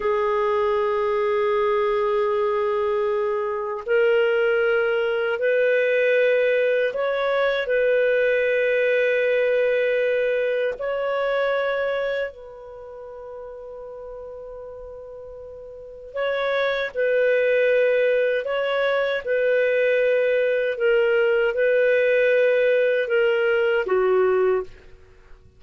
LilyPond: \new Staff \with { instrumentName = "clarinet" } { \time 4/4 \tempo 4 = 78 gis'1~ | gis'4 ais'2 b'4~ | b'4 cis''4 b'2~ | b'2 cis''2 |
b'1~ | b'4 cis''4 b'2 | cis''4 b'2 ais'4 | b'2 ais'4 fis'4 | }